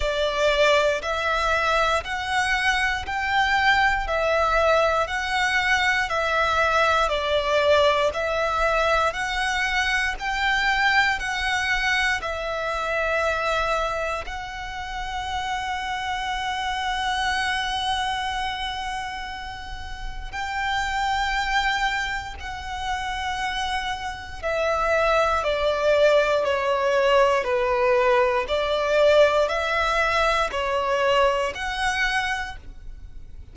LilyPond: \new Staff \with { instrumentName = "violin" } { \time 4/4 \tempo 4 = 59 d''4 e''4 fis''4 g''4 | e''4 fis''4 e''4 d''4 | e''4 fis''4 g''4 fis''4 | e''2 fis''2~ |
fis''1 | g''2 fis''2 | e''4 d''4 cis''4 b'4 | d''4 e''4 cis''4 fis''4 | }